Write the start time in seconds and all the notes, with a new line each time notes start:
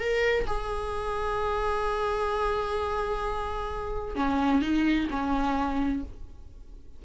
0.00 A#4
0.47 G#4
4.16 C#4
4.62 D#4
5.11 C#4